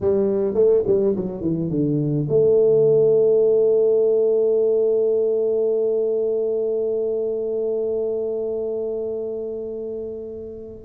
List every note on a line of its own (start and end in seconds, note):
0.01 0.54 G3
0.54 0.82 A3
0.86 1.15 G3
1.16 1.41 F#3
1.41 1.70 E3
1.70 2.27 D3
2.29 10.84 A3